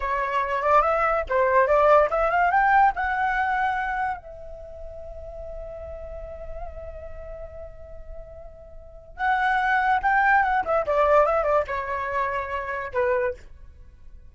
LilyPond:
\new Staff \with { instrumentName = "flute" } { \time 4/4 \tempo 4 = 144 cis''4. d''8 e''4 c''4 | d''4 e''8 f''8 g''4 fis''4~ | fis''2 e''2~ | e''1~ |
e''1~ | e''2 fis''2 | g''4 fis''8 e''8 d''4 e''8 d''8 | cis''2. b'4 | }